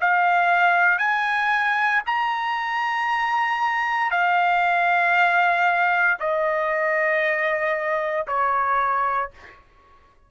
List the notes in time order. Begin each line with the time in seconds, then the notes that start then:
0.00 F5
0.98 G#5
2.06 A#5
4.11 F5
6.19 D#5
8.27 C#5